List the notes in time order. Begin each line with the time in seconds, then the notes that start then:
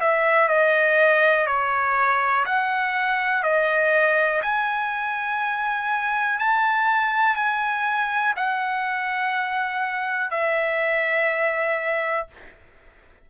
0.00 E5
0.48 D#5
1.46 C#5
2.45 F#5
3.43 D#5
4.42 G#5
6.38 A5
7.35 G#5
8.36 F#5
10.30 E5